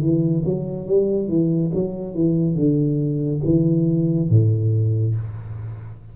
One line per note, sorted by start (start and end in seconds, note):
0.00 0.43 E3
0.45 0.87 F#3
0.87 1.29 G3
1.29 1.71 E3
1.74 2.15 F#3
2.15 2.55 E3
2.55 3.41 D3
3.45 4.30 E3
4.30 5.15 A2